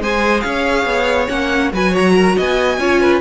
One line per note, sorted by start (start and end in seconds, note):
0.00 0.43 G#3
0.00 1.28 G#4
0.00 0.44 C5
0.00 0.41 G#5
0.41 0.85 C#4
0.41 1.72 C#5
0.41 1.26 F5
0.85 1.28 B3
1.28 1.72 A#3
1.28 1.71 C#4
1.28 1.71 F#5
1.72 2.36 F#3
1.72 2.80 F#4
1.72 1.91 B4
1.72 1.95 G#5
1.91 2.13 C#5
1.91 2.38 A#5
2.15 2.37 A#4
2.37 2.78 B3
2.37 2.80 D#5
2.37 3.21 G#5
2.78 3.21 C#4
2.78 3.21 F4
2.78 3.01 C#5
3.01 3.21 B4